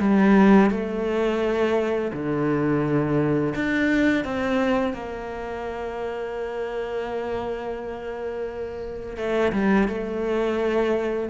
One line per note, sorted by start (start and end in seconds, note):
0.00 0.71 G3
0.71 2.12 A3
2.13 3.54 D3
3.56 4.25 D4
4.25 4.94 C4
4.94 9.17 A#3
9.17 9.53 A3
9.53 9.88 G3
9.89 11.30 A3